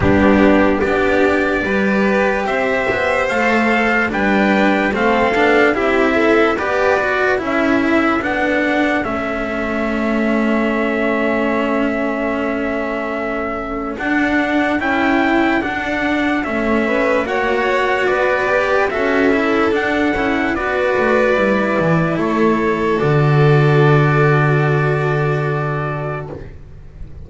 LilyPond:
<<
  \new Staff \with { instrumentName = "trumpet" } { \time 4/4 \tempo 4 = 73 g'4 d''2 e''4 | f''4 g''4 f''4 e''4 | d''4 e''4 fis''4 e''4~ | e''1~ |
e''4 fis''4 g''4 fis''4 | e''4 fis''4 d''4 e''4 | fis''4 d''2 cis''4 | d''1 | }
  \new Staff \with { instrumentName = "violin" } { \time 4/4 d'4 g'4 b'4 c''4~ | c''4 b'4 a'4 g'8 a'8 | b'4 a'2.~ | a'1~ |
a'1~ | a'8 b'8 cis''4 b'4 a'4~ | a'4 b'2 a'4~ | a'1 | }
  \new Staff \with { instrumentName = "cello" } { \time 4/4 b4 d'4 g'2 | a'4 d'4 c'8 d'8 e'4 | g'8 fis'8 e'4 d'4 cis'4~ | cis'1~ |
cis'4 d'4 e'4 d'4 | cis'4 fis'4. g'8 fis'8 e'8 | d'8 e'8 fis'4 e'2 | fis'1 | }
  \new Staff \with { instrumentName = "double bass" } { \time 4/4 g4 b4 g4 c'8 b8 | a4 g4 a8 b8 c'4 | b4 cis'4 b4 a4~ | a1~ |
a4 d'4 cis'4 d'4 | a4 ais4 b4 cis'4 | d'8 cis'8 b8 a8 g8 e8 a4 | d1 | }
>>